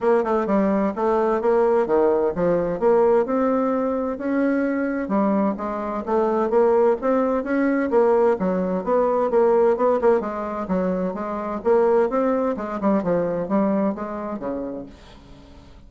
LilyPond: \new Staff \with { instrumentName = "bassoon" } { \time 4/4 \tempo 4 = 129 ais8 a8 g4 a4 ais4 | dis4 f4 ais4 c'4~ | c'4 cis'2 g4 | gis4 a4 ais4 c'4 |
cis'4 ais4 fis4 b4 | ais4 b8 ais8 gis4 fis4 | gis4 ais4 c'4 gis8 g8 | f4 g4 gis4 cis4 | }